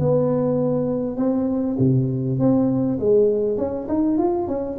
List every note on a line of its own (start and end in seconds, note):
0.00 1.17 B3
1.17 1.77 C4
1.79 2.39 C3
2.39 2.99 C4
3.00 3.58 G#3
3.58 3.88 C#4
3.89 4.18 D#4
4.18 4.48 F4
4.48 4.78 C#4